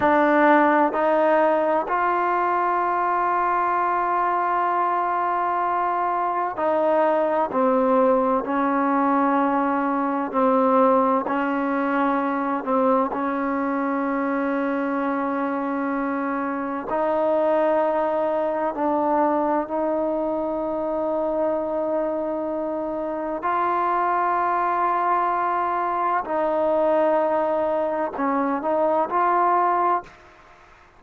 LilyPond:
\new Staff \with { instrumentName = "trombone" } { \time 4/4 \tempo 4 = 64 d'4 dis'4 f'2~ | f'2. dis'4 | c'4 cis'2 c'4 | cis'4. c'8 cis'2~ |
cis'2 dis'2 | d'4 dis'2.~ | dis'4 f'2. | dis'2 cis'8 dis'8 f'4 | }